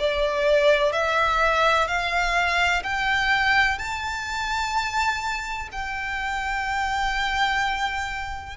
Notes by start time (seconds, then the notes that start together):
0.00 D5
0.93 E5
1.88 F5
2.84 G5
3.79 A5
5.72 G5